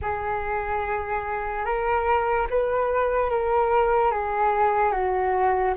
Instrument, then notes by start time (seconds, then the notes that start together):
flute
0.01 G#4
1.65 A#4
2.50 B4
3.30 A#4
4.11 G#4
4.91 F#4